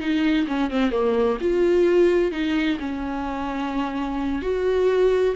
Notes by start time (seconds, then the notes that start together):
0.00 D#4
0.47 C#4
0.71 C4
0.91 A#3
1.41 F4
2.32 D#4
2.79 C#4
4.42 F#4